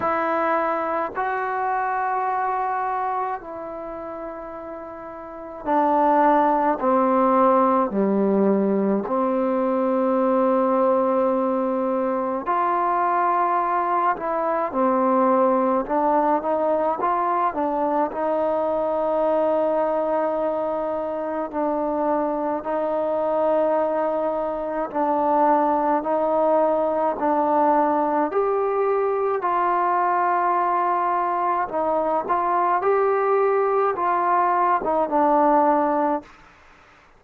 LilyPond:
\new Staff \with { instrumentName = "trombone" } { \time 4/4 \tempo 4 = 53 e'4 fis'2 e'4~ | e'4 d'4 c'4 g4 | c'2. f'4~ | f'8 e'8 c'4 d'8 dis'8 f'8 d'8 |
dis'2. d'4 | dis'2 d'4 dis'4 | d'4 g'4 f'2 | dis'8 f'8 g'4 f'8. dis'16 d'4 | }